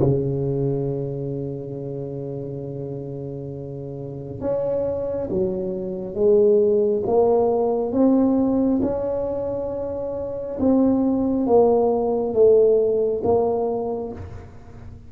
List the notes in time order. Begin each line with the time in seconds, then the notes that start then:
0.00 C#3
4.41 C#4
5.30 F#3
6.15 G#3
7.07 A#3
7.93 C4
8.83 C#4
10.60 C4
11.47 A#3
12.34 A3
13.24 A#3